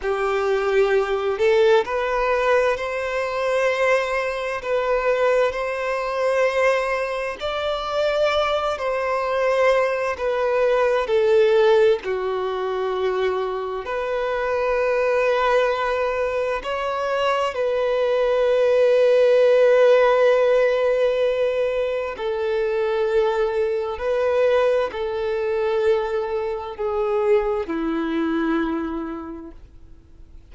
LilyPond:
\new Staff \with { instrumentName = "violin" } { \time 4/4 \tempo 4 = 65 g'4. a'8 b'4 c''4~ | c''4 b'4 c''2 | d''4. c''4. b'4 | a'4 fis'2 b'4~ |
b'2 cis''4 b'4~ | b'1 | a'2 b'4 a'4~ | a'4 gis'4 e'2 | }